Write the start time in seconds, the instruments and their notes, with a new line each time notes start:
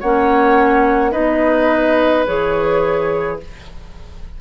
0.00 bassoon A#3, clarinet C#4, oboe C#5, flute F#5
1.11 bassoon B3, clarinet D#4, oboe B4, flute D#5
2.26 bassoon E3, clarinet G#4, flute C#5